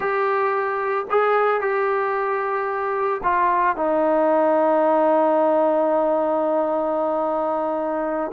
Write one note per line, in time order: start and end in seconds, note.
0.00 1.05 G4
1.10 1.60 G#4
1.60 3.21 G4
3.23 3.76 F4
3.76 8.31 D#4